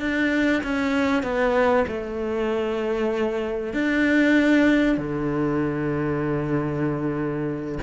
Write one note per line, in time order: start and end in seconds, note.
0.00 0.62 D4
0.63 1.23 C#4
1.23 1.86 B3
1.88 3.74 A3
3.74 4.98 D4
4.98 7.79 D3